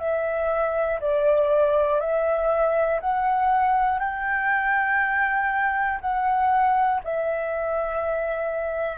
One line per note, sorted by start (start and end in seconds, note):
0.00 1.00 E5
1.01 2.00 D5
2.00 3.00 E5
3.01 4.00 F#5
4.00 6.00 G5
6.01 7.01 F#5
7.05 8.99 E5